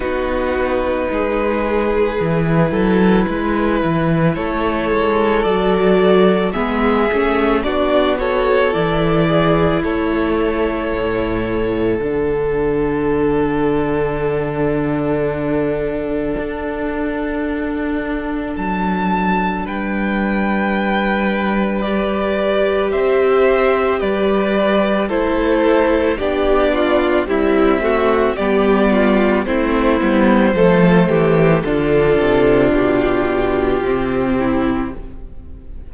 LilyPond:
<<
  \new Staff \with { instrumentName = "violin" } { \time 4/4 \tempo 4 = 55 b'1 | cis''4 d''4 e''4 d''8 cis''8 | d''4 cis''2 fis''4~ | fis''1~ |
fis''4 a''4 g''2 | d''4 e''4 d''4 c''4 | d''4 e''4 d''4 c''4~ | c''4 a'4 g'2 | }
  \new Staff \with { instrumentName = "violin" } { \time 4/4 fis'4 gis'4. a'8 b'4 | a'2 gis'4 fis'8 a'8~ | a'8 gis'8 a'2.~ | a'1~ |
a'2 b'2~ | b'4 c''4 b'4 a'4 | g'8 f'8 e'8 fis'8 g'8 f'8 e'4 | a'8 g'8 f'2~ f'8 e'8 | }
  \new Staff \with { instrumentName = "viola" } { \time 4/4 dis'2 e'2~ | e'4 fis'4 b8 cis'8 d'8 fis'8 | e'2. d'4~ | d'1~ |
d'1 | g'2. e'4 | d'4 g8 a8 b4 c'8 b8 | a4 d'2 c'4 | }
  \new Staff \with { instrumentName = "cello" } { \time 4/4 b4 gis4 e8 fis8 gis8 e8 | a8 gis8 fis4 gis8 a8 b4 | e4 a4 a,4 d4~ | d2. d'4~ |
d'4 fis4 g2~ | g4 c'4 g4 a4 | b4 c'4 g4 a8 g8 | f8 e8 d8 c8 b,4 c4 | }
>>